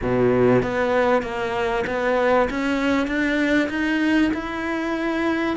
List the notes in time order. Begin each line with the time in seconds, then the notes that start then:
0.02 B2
0.62 B3
1.22 A#3
1.87 B3
2.50 C#4
3.07 D4
3.69 D#4
4.33 E4